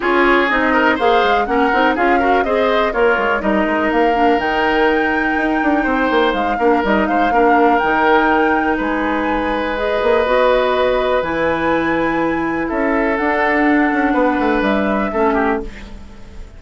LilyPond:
<<
  \new Staff \with { instrumentName = "flute" } { \time 4/4 \tempo 4 = 123 cis''4 dis''4 f''4 fis''4 | f''4 dis''4 cis''4 dis''4 | f''4 g''2.~ | g''4 f''4 dis''8 f''4. |
g''2 gis''2 | dis''2. gis''4~ | gis''2 e''4 fis''4~ | fis''2 e''2 | }
  \new Staff \with { instrumentName = "oboe" } { \time 4/4 gis'4. ais'8 c''4 ais'4 | gis'8 ais'8 c''4 f'4 ais'4~ | ais'1 | c''4. ais'4 c''8 ais'4~ |
ais'2 b'2~ | b'1~ | b'2 a'2~ | a'4 b'2 a'8 g'8 | }
  \new Staff \with { instrumentName = "clarinet" } { \time 4/4 f'4 dis'4 gis'4 cis'8 dis'8 | f'8 fis'8 gis'4 ais'4 dis'4~ | dis'8 d'8 dis'2.~ | dis'4. d'8 dis'4 d'4 |
dis'1 | gis'4 fis'2 e'4~ | e'2. d'4~ | d'2. cis'4 | }
  \new Staff \with { instrumentName = "bassoon" } { \time 4/4 cis'4 c'4 ais8 gis8 ais8 c'8 | cis'4 c'4 ais8 gis8 g8 gis8 | ais4 dis2 dis'8 d'8 | c'8 ais8 gis8 ais8 g8 gis8 ais4 |
dis2 gis2~ | gis8 ais8 b2 e4~ | e2 cis'4 d'4~ | d'8 cis'8 b8 a8 g4 a4 | }
>>